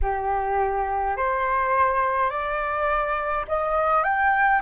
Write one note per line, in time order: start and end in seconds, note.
0.02 1.16 G4
1.16 2.30 C5
2.30 3.45 D5
3.48 4.03 D#5
4.03 4.61 G5